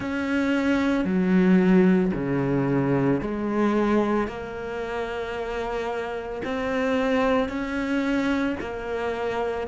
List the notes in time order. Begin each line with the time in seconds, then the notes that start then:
0.00 C#4
1.05 F#3
2.14 C#3
3.20 G#3
4.27 A#3
6.44 C4
7.49 C#4
8.60 A#3